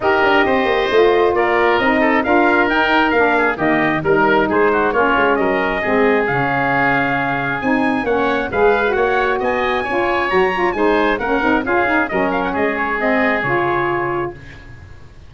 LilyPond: <<
  \new Staff \with { instrumentName = "trumpet" } { \time 4/4 \tempo 4 = 134 dis''2. d''4 | dis''4 f''4 g''4 f''4 | dis''4 ais'4 c''4 cis''4 | dis''2 f''2~ |
f''4 gis''4 fis''4 f''4 | fis''4 gis''2 ais''4 | gis''4 fis''4 f''4 dis''8 f''16 fis''16 | dis''8 cis''8 dis''4 cis''2 | }
  \new Staff \with { instrumentName = "oboe" } { \time 4/4 ais'4 c''2 ais'4~ | ais'8 a'8 ais'2~ ais'8 gis'8 | g'4 ais'4 gis'8 fis'8 f'4 | ais'4 gis'2.~ |
gis'2 cis''4 b'4 | cis''4 dis''4 cis''2 | c''4 ais'4 gis'4 ais'4 | gis'1 | }
  \new Staff \with { instrumentName = "saxophone" } { \time 4/4 g'2 f'2 | dis'4 f'4 dis'4 d'4 | ais4 dis'2 cis'4~ | cis'4 c'4 cis'2~ |
cis'4 dis'4 cis'4 gis'8. fis'16~ | fis'2 f'4 fis'8 f'8 | dis'4 cis'8 dis'8 f'8 dis'8 cis'4~ | cis'4 c'4 f'2 | }
  \new Staff \with { instrumentName = "tuba" } { \time 4/4 dis'8 d'8 c'8 ais8 a4 ais4 | c'4 d'4 dis'4 ais4 | dis4 g4 gis4 ais8 gis8 | fis4 gis4 cis2~ |
cis4 c'4 ais4 gis4 | ais4 b4 cis'4 fis4 | gis4 ais8 c'8 cis'4 fis4 | gis2 cis2 | }
>>